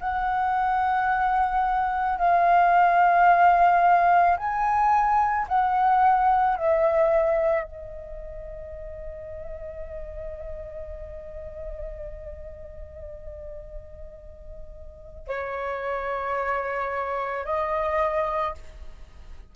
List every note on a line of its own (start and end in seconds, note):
0.00 2.18 F#5
2.18 4.36 F5
4.37 5.46 G#5
5.48 6.56 F#5
6.56 7.64 E5
7.64 15.27 D#5
15.27 17.45 C#5
17.45 18.54 D#5